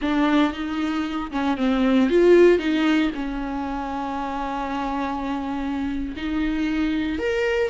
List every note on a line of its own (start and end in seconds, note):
0.01 0.52 D4
0.52 1.30 D#4
1.31 1.57 C#4
1.57 2.09 C4
2.09 2.58 F4
2.58 3.10 D#4
3.14 6.14 C#4
6.16 7.19 D#4
7.19 7.69 A#4